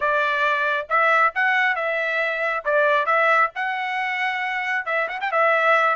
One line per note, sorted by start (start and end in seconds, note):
0.00 0.87 D5
0.89 1.33 E5
1.35 1.75 F#5
1.75 2.64 E5
2.65 3.05 D5
3.05 3.50 E5
3.55 4.85 F#5
4.85 5.07 E5
5.08 5.19 F#5
5.20 5.31 G5
5.31 5.96 E5